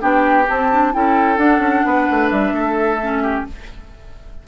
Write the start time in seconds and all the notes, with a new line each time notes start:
0.00 B3 D4 G4 G5
0.47 C4 A5
0.72 D4
0.93 C#4 E4 A4 G5
1.38 D4 F#5
1.59 C#4
1.86 B3 B4
2.11 A3
2.30 G3 E5
2.52 A3 A4
3.02 C#4
3.23 G4